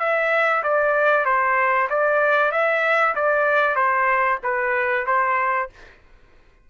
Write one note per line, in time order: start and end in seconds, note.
0.00 0.63 E5
0.63 1.26 D5
1.26 1.89 C5
1.90 2.52 D5
2.52 3.15 E5
3.16 3.76 D5
3.76 4.39 C5
4.44 5.07 B4
5.07 5.70 C5